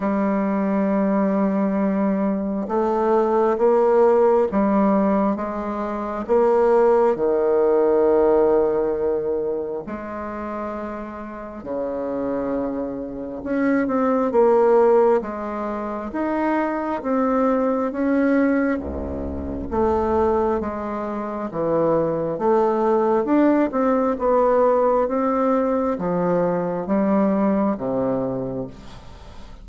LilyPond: \new Staff \with { instrumentName = "bassoon" } { \time 4/4 \tempo 4 = 67 g2. a4 | ais4 g4 gis4 ais4 | dis2. gis4~ | gis4 cis2 cis'8 c'8 |
ais4 gis4 dis'4 c'4 | cis'4 cis,4 a4 gis4 | e4 a4 d'8 c'8 b4 | c'4 f4 g4 c4 | }